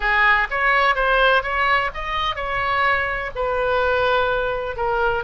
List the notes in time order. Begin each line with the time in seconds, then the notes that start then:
0.00 G#4
0.50 C#5
0.95 C5
1.42 C#5
1.94 D#5
2.35 C#5
3.35 B4
4.76 A#4